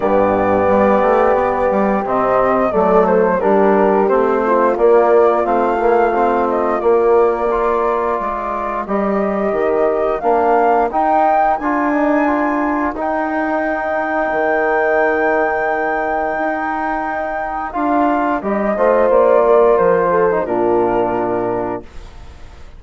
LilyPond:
<<
  \new Staff \with { instrumentName = "flute" } { \time 4/4 \tempo 4 = 88 d''2. dis''4 | d''8 c''8 ais'4 c''4 d''4 | f''4. dis''8 d''2~ | d''4 dis''2 f''4 |
g''4 gis''2 g''4~ | g''1~ | g''2 f''4 dis''4 | d''4 c''4 ais'2 | }
  \new Staff \with { instrumentName = "horn" } { \time 4/4 g'1 | a'4 g'4. f'4.~ | f'2. ais'4~ | ais'1~ |
ais'1~ | ais'1~ | ais'2.~ ais'8 c''8~ | c''8 ais'4 a'8 f'2 | }
  \new Staff \with { instrumentName = "trombone" } { \time 4/4 b2. c'4 | a4 d'4 c'4 ais4 | c'8 ais8 c'4 ais4 f'4~ | f'4 g'2 d'4 |
dis'4 f'8 dis'8 f'4 dis'4~ | dis'1~ | dis'2 f'4 g'8 f'8~ | f'4.~ f'16 dis'16 d'2 | }
  \new Staff \with { instrumentName = "bassoon" } { \time 4/4 g,4 g8 a8 b8 g8 c4 | fis4 g4 a4 ais4 | a2 ais2 | gis4 g4 dis4 ais4 |
dis'4 d'2 dis'4~ | dis'4 dis2. | dis'2 d'4 g8 a8 | ais4 f4 ais,2 | }
>>